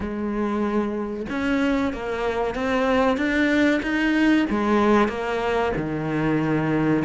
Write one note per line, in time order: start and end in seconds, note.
0.00 1.26 G#3
1.29 1.93 C#4
1.93 2.54 A#3
2.54 3.17 C4
3.17 3.80 D4
3.82 4.46 D#4
4.49 5.08 G#3
5.08 5.72 A#3
5.76 7.04 D#3